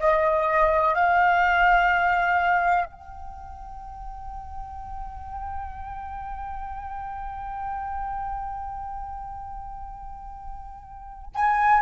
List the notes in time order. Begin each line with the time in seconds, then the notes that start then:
0.00 D#5
0.95 F5
2.86 G5
11.35 G#5